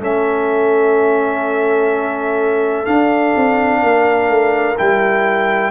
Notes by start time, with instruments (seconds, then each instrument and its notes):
0.00 tuba A3, trombone C#4, horn A4, trumpet E5
2.85 trombone D4, tuba D4, trumpet F5
3.36 tuba C4
3.83 tuba A#3, horn A#4
4.29 tuba A3
4.78 tuba G3, trombone E4, trumpet G5